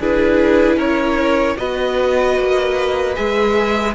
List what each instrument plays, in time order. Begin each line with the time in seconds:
0.00 cello D4, viola E4, violin G#4 B4
0.77 cello C#4, violin A#4 C#5
1.58 cello B3, viola F#4, violin B4 D#5
2.39 cello A#3
3.15 cello G#3, viola G#4, violin E5